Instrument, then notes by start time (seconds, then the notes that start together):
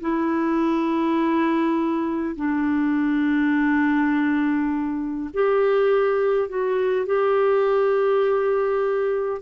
clarinet
0.00 E4
2.36 D4
5.33 G4
6.49 F#4
7.06 G4